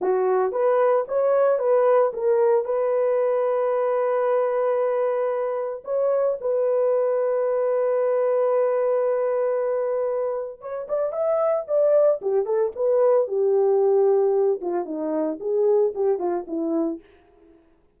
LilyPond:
\new Staff \with { instrumentName = "horn" } { \time 4/4 \tempo 4 = 113 fis'4 b'4 cis''4 b'4 | ais'4 b'2.~ | b'2. cis''4 | b'1~ |
b'1 | cis''8 d''8 e''4 d''4 g'8 a'8 | b'4 g'2~ g'8 f'8 | dis'4 gis'4 g'8 f'8 e'4 | }